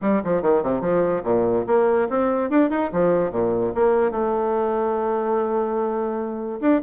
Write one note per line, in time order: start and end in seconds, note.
0.01 0.22 G3
0.24 0.42 F3
0.42 0.62 D#3
0.63 0.81 C3
0.81 1.22 F3
1.23 1.65 A#2
1.67 2.08 A#3
2.09 2.50 C4
2.50 2.70 D4
2.70 2.90 D#4
2.92 3.31 F3
3.31 3.72 A#2
3.74 4.11 A#3
4.11 6.59 A3
6.60 6.81 D4